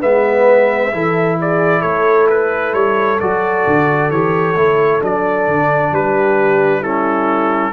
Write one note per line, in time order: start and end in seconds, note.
0.00 0.93 G#3
0.00 0.92 B3
0.00 0.91 B4
0.00 1.38 E5
0.93 1.84 E3
0.93 3.20 E4
0.93 1.39 A4
1.40 1.80 G#4
1.40 1.82 D5
1.80 2.73 A3
1.80 5.89 A4
1.80 2.27 C#5
2.30 2.74 B4
2.73 3.19 G3
2.73 3.20 C#5
3.20 3.66 F#3
3.20 4.12 F#4
3.20 4.11 D5
3.67 4.10 D3
4.10 4.55 E3
4.10 4.56 G4
4.10 5.02 C#5
4.55 5.01 A3
4.55 5.01 E4
5.01 5.47 F#3
5.01 6.83 D4
5.01 5.95 D5
5.47 5.92 D3
5.92 7.73 G3
5.92 6.80 G4
5.92 6.83 B4
6.80 7.73 C#4
6.80 7.71 E4
6.80 7.73 A4